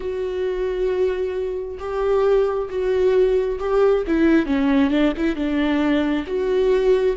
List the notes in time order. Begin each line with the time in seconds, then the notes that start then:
0.00 F#4
1.79 G4
2.69 F#4
3.59 G4
4.07 E4
4.45 C#4
4.90 D4
5.17 E4
5.35 D4
6.26 F#4